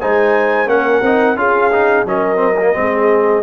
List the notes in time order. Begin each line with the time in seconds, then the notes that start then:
0.00 G#3 D#4 C5 G#5
0.65 A#3 C#4 A#4 F#5
1.01 C4 D#4
1.35 C#4 F4 G#4 F5
1.72 D#4
2.04 F#3 C#4 A#4 D#5
2.36 C4
2.59 A#3
2.73 G#3 C4 G#4